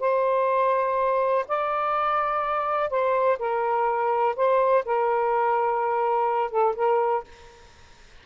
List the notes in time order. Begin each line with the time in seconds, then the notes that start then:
0.00 C5
1.48 D5
2.90 C5
3.39 A#4
4.36 C5
4.85 A#4
6.51 A4
6.75 A#4